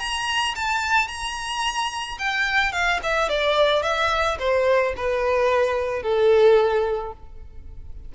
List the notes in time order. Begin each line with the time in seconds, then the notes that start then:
0.00 A#5
0.56 A5
1.08 A#5
2.19 G5
2.72 F5
3.04 E5
3.29 D5
3.83 E5
4.39 C5
4.97 B4
6.03 A4